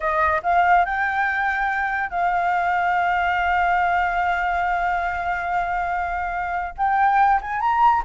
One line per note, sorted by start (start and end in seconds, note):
0.00 0.41 D#5
0.42 0.85 F5
0.85 2.10 G5
2.10 6.75 F5
6.77 7.40 G5
7.41 7.60 G#5
7.60 8.02 A#5